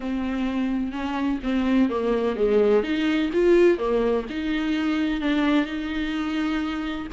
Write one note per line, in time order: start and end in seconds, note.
0.00 0.92 C4
0.92 1.39 C#4
1.43 1.89 C4
1.89 2.36 A#3
2.36 2.83 G#3
2.83 3.30 D#4
3.33 3.78 F4
3.78 4.25 A#3
4.29 5.20 D#4
5.20 5.65 D4
5.65 7.07 D#4